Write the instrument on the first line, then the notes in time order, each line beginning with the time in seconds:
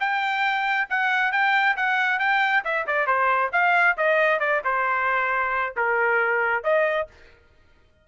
trumpet
0.00 G5
0.90 F#5
1.32 G5
1.77 F#5
2.19 G5
2.65 E5
2.87 D5
3.07 C5
3.53 F5
3.97 D#5
4.40 D5
4.64 C5
5.77 A#4
6.64 D#5